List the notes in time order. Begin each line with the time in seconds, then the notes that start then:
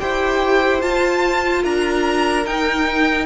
0.00 E4 G4 C5 G5
0.80 F4 A5
1.63 D4 A#4 A#5
2.46 D#4 G5